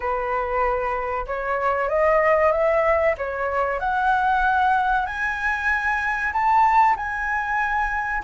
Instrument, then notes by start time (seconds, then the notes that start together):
flute
0.00 B4
1.26 C#5
1.88 D#5
2.51 E5
3.18 C#5
3.79 F#5
5.06 G#5
6.32 A5
6.96 G#5